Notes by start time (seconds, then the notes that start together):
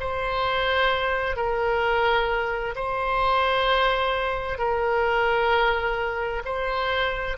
0.00 C5
1.36 A#4
2.75 C5
4.58 A#4
6.45 C5